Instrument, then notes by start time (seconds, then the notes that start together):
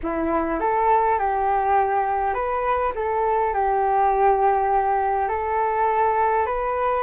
flute
0.02 E4
0.59 A4
1.18 G4
2.34 B4
2.95 A4
3.53 G4
5.28 A4
6.46 B4